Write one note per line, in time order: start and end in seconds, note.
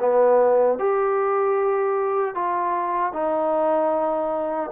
0.00 0.79 B3
0.79 2.35 G4
2.35 3.13 F4
3.13 4.71 D#4